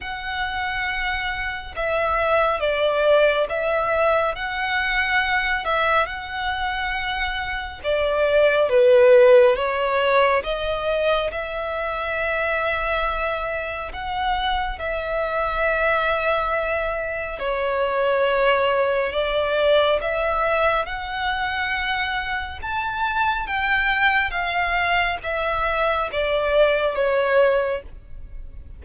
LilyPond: \new Staff \with { instrumentName = "violin" } { \time 4/4 \tempo 4 = 69 fis''2 e''4 d''4 | e''4 fis''4. e''8 fis''4~ | fis''4 d''4 b'4 cis''4 | dis''4 e''2. |
fis''4 e''2. | cis''2 d''4 e''4 | fis''2 a''4 g''4 | f''4 e''4 d''4 cis''4 | }